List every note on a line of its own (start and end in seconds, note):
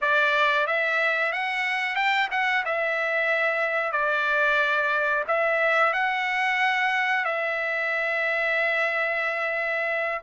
0.01 0.66 D5
0.66 1.32 E5
1.32 1.95 F#5
1.95 2.28 G5
2.31 2.64 F#5
2.65 3.92 E5
3.92 5.24 D5
5.27 5.93 E5
5.93 7.24 F#5
7.24 10.21 E5